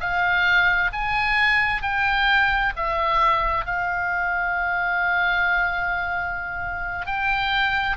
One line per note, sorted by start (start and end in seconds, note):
0.00 0.91 F5
0.93 1.82 G#5
1.82 2.73 G5
2.76 3.65 E5
3.65 7.06 F5
7.06 7.97 G5